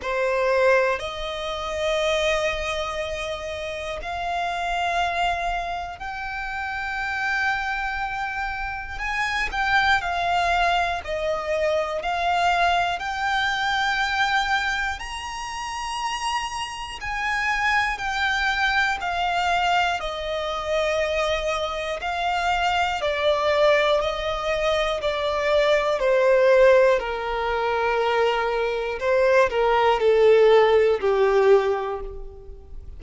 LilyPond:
\new Staff \with { instrumentName = "violin" } { \time 4/4 \tempo 4 = 60 c''4 dis''2. | f''2 g''2~ | g''4 gis''8 g''8 f''4 dis''4 | f''4 g''2 ais''4~ |
ais''4 gis''4 g''4 f''4 | dis''2 f''4 d''4 | dis''4 d''4 c''4 ais'4~ | ais'4 c''8 ais'8 a'4 g'4 | }